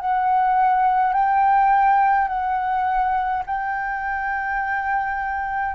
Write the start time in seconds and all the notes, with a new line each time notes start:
0.00 F#5
1.13 G5
2.28 F#5
3.47 G5